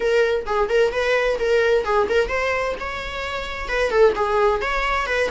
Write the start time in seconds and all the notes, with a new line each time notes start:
0.00 A#4
0.46 G#4
0.69 A#4
0.92 B4
1.39 A#4
1.84 G#4
2.09 A#4
2.28 C5
2.80 C#5
3.68 B4
3.90 A4
4.15 G#4
4.61 C#5
5.06 B4